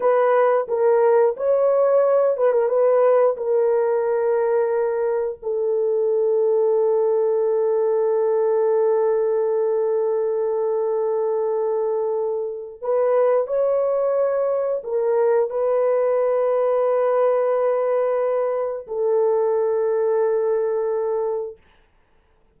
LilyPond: \new Staff \with { instrumentName = "horn" } { \time 4/4 \tempo 4 = 89 b'4 ais'4 cis''4. b'16 ais'16 | b'4 ais'2. | a'1~ | a'1~ |
a'2. b'4 | cis''2 ais'4 b'4~ | b'1 | a'1 | }